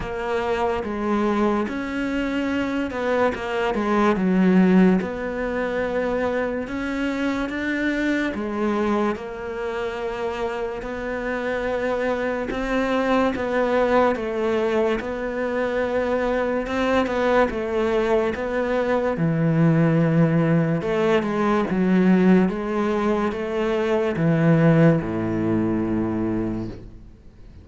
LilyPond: \new Staff \with { instrumentName = "cello" } { \time 4/4 \tempo 4 = 72 ais4 gis4 cis'4. b8 | ais8 gis8 fis4 b2 | cis'4 d'4 gis4 ais4~ | ais4 b2 c'4 |
b4 a4 b2 | c'8 b8 a4 b4 e4~ | e4 a8 gis8 fis4 gis4 | a4 e4 a,2 | }